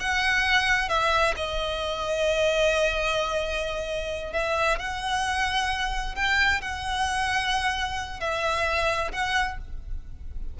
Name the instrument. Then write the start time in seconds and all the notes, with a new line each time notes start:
violin
0.00 F#5
0.89 E5
1.37 D#5
4.33 E5
4.79 F#5
6.15 G5
6.61 F#5
8.20 E5
9.12 F#5